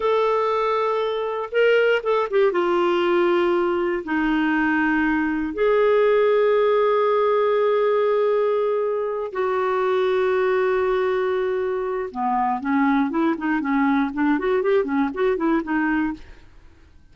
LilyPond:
\new Staff \with { instrumentName = "clarinet" } { \time 4/4 \tempo 4 = 119 a'2. ais'4 | a'8 g'8 f'2. | dis'2. gis'4~ | gis'1~ |
gis'2~ gis'8 fis'4.~ | fis'1 | b4 cis'4 e'8 dis'8 cis'4 | d'8 fis'8 g'8 cis'8 fis'8 e'8 dis'4 | }